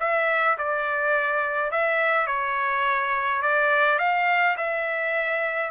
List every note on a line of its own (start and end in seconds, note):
0.00 0.58 E5
0.58 1.71 D5
1.71 2.27 E5
2.27 3.42 C#5
3.42 3.99 D5
3.99 4.57 F5
4.57 5.71 E5